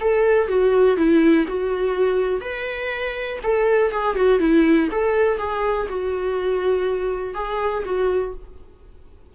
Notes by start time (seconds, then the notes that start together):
0.00 A4
0.48 F#4
0.96 E4
1.48 F#4
2.41 B4
3.43 A4
3.91 G#4
4.15 F#4
4.39 E4
4.91 A4
5.38 G#4
5.88 F#4
7.34 G#4
7.85 F#4